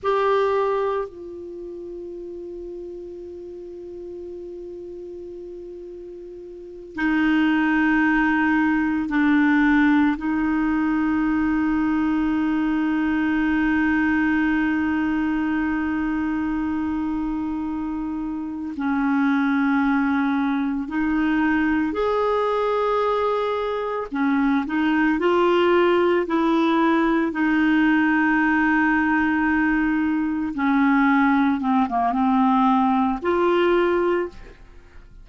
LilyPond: \new Staff \with { instrumentName = "clarinet" } { \time 4/4 \tempo 4 = 56 g'4 f'2.~ | f'2~ f'8 dis'4.~ | dis'8 d'4 dis'2~ dis'8~ | dis'1~ |
dis'4. cis'2 dis'8~ | dis'8 gis'2 cis'8 dis'8 f'8~ | f'8 e'4 dis'2~ dis'8~ | dis'8 cis'4 c'16 ais16 c'4 f'4 | }